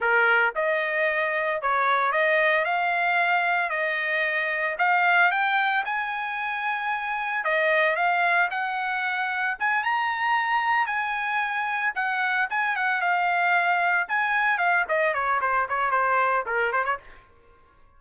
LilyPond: \new Staff \with { instrumentName = "trumpet" } { \time 4/4 \tempo 4 = 113 ais'4 dis''2 cis''4 | dis''4 f''2 dis''4~ | dis''4 f''4 g''4 gis''4~ | gis''2 dis''4 f''4 |
fis''2 gis''8 ais''4.~ | ais''8 gis''2 fis''4 gis''8 | fis''8 f''2 gis''4 f''8 | dis''8 cis''8 c''8 cis''8 c''4 ais'8 c''16 cis''16 | }